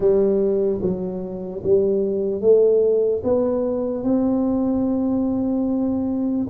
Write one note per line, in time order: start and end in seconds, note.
0.00 0.81 G3
0.81 1.62 F#3
1.63 2.41 G3
2.41 3.22 A3
3.23 4.03 B3
4.03 6.46 C4